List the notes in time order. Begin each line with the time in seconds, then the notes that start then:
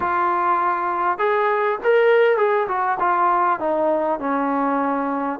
0.00 F4
1.18 G#4
1.83 A#4
2.37 G#4
2.68 F#4
2.99 F4
3.59 D#4
4.19 C#4